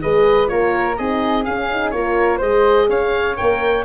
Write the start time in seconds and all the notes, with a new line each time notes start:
0.00 G#3 G#4 B4 D#5
0.47 A#3 F4 A#4 C#5
0.96 C4 D#4 G#4 D#5
1.44 C#4 F5
1.71 D#4
1.90 A#3 F4 A#4 C#5
2.37 G#3 G#4 C5 D#5
2.89 C#4 C#5 F5
3.36 A#3 A#4 G5